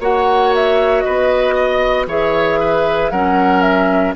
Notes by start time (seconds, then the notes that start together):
0.00 A#3 F#4 C#5 F#5
0.55 E5
1.01 B4 D#5
1.08 B3
1.55 D#5
2.07 E3 G#4 C#5 E5
2.60 B4
3.11 F#3 C#4 A#4 F#5
3.62 E5